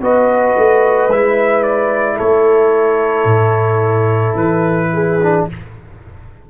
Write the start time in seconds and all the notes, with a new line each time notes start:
0.00 B3 F#4 B4 D#5
0.57 A3
1.10 G#3 E4 E5
1.63 D5
2.17 A3 A4 C#5
3.25 A2
4.35 E3 B4
4.93 G#4
5.22 D4